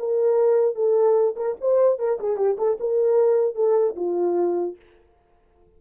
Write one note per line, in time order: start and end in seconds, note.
0.00 0.76 A#4
0.76 1.36 A4
1.36 1.56 A#4
1.61 1.99 C5
1.99 2.19 A#4
2.21 2.37 G#4
2.37 2.57 G4
2.59 2.79 A4
2.80 3.56 A#4
3.56 3.96 A4
3.97 4.77 F4